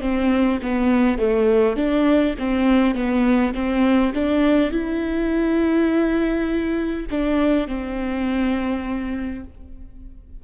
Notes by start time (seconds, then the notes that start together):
0.00 C4
0.62 B3
1.18 A3
1.76 D4
2.39 C4
2.94 B3
3.53 C4
4.14 D4
4.71 E4
7.10 D4
7.67 C4